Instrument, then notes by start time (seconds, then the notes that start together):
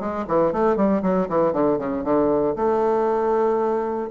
bassoon
0.00 G#3
0.28 E3
0.52 A3
0.76 G3
1.02 F#3
1.29 E3
1.52 D3
1.78 C#3
2.04 D3
2.56 A3